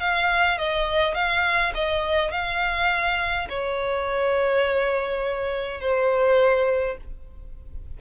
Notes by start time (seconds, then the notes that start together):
0.00 F5
0.58 D#5
1.14 F5
1.74 D#5
2.31 F5
3.49 C#5
5.81 C5